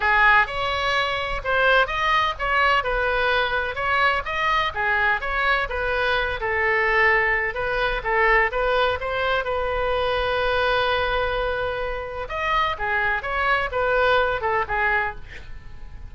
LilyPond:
\new Staff \with { instrumentName = "oboe" } { \time 4/4 \tempo 4 = 127 gis'4 cis''2 c''4 | dis''4 cis''4 b'2 | cis''4 dis''4 gis'4 cis''4 | b'4. a'2~ a'8 |
b'4 a'4 b'4 c''4 | b'1~ | b'2 dis''4 gis'4 | cis''4 b'4. a'8 gis'4 | }